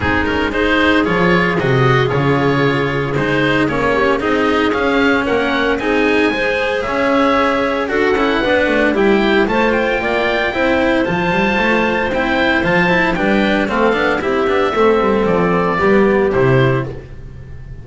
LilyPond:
<<
  \new Staff \with { instrumentName = "oboe" } { \time 4/4 \tempo 4 = 114 gis'8 ais'8 c''4 cis''4 dis''4 | cis''2 c''4 cis''4 | dis''4 f''4 fis''4 gis''4~ | gis''4 e''2 fis''4~ |
fis''4 g''4 a''8 g''4.~ | g''4 a''2 g''4 | a''4 g''4 f''4 e''4~ | e''4 d''2 c''4 | }
  \new Staff \with { instrumentName = "clarinet" } { \time 4/4 dis'4 gis'2.~ | gis'2.~ gis'8 g'8 | gis'2 ais'4 gis'4 | c''4 cis''2 a'4 |
b'4 g'4 c''4 d''4 | c''1~ | c''4 b'4 a'4 g'4 | a'2 g'2 | }
  \new Staff \with { instrumentName = "cello" } { \time 4/4 c'8 cis'8 dis'4 f'4 fis'4 | f'2 dis'4 cis'4 | dis'4 cis'2 dis'4 | gis'2. fis'8 e'8 |
d'4 e'4 f'2 | e'4 f'2 e'4 | f'8 e'8 d'4 c'8 d'8 e'8 d'8 | c'2 b4 e'4 | }
  \new Staff \with { instrumentName = "double bass" } { \time 4/4 gis2 f4 c4 | cis2 gis4 ais4 | c'4 cis'4 ais4 c'4 | gis4 cis'2 d'8 cis'8 |
b8 a8 g4 a4 ais4 | c'4 f8 g8 a4 c'4 | f4 g4 a8 b8 c'8 b8 | a8 g8 f4 g4 c4 | }
>>